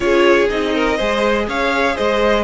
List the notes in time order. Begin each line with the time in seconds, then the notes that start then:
0.00 C#4 F4 G#4 C#5
0.49 C4 D#4 D#5
0.74 A#4
0.97 G#3 G#4 C5
1.47 C#4 C#5 F5
1.95 G#3 C5 D#5